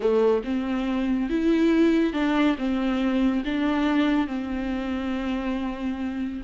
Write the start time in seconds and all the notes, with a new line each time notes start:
0.00 A3
0.44 C4
1.29 E4
2.13 D4
2.57 C4
3.44 D4
4.27 C4